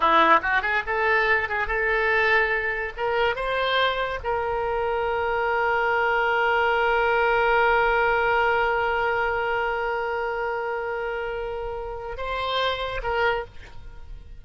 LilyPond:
\new Staff \with { instrumentName = "oboe" } { \time 4/4 \tempo 4 = 143 e'4 fis'8 gis'8 a'4. gis'8 | a'2. ais'4 | c''2 ais'2~ | ais'1~ |
ais'1~ | ais'1~ | ais'1~ | ais'4 c''2 ais'4 | }